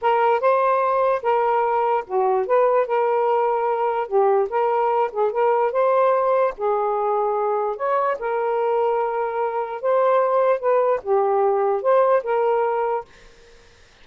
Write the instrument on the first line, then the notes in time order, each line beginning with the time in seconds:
saxophone
0.01 A#4
0.40 C5
1.22 A#4
2.06 F#4
2.46 B4
2.86 A#4
4.07 G4
4.49 A#4
5.12 G#4
5.31 A#4
5.72 C5
6.57 G#4
7.76 C#5
8.19 A#4
9.81 C5
10.59 B4
11.02 G4
11.82 C5
12.23 A#4